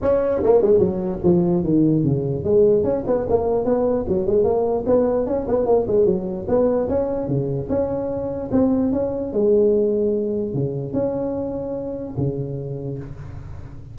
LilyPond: \new Staff \with { instrumentName = "tuba" } { \time 4/4 \tempo 4 = 148 cis'4 ais8 gis8 fis4 f4 | dis4 cis4 gis4 cis'8 b8 | ais4 b4 fis8 gis8 ais4 | b4 cis'8 b8 ais8 gis8 fis4 |
b4 cis'4 cis4 cis'4~ | cis'4 c'4 cis'4 gis4~ | gis2 cis4 cis'4~ | cis'2 cis2 | }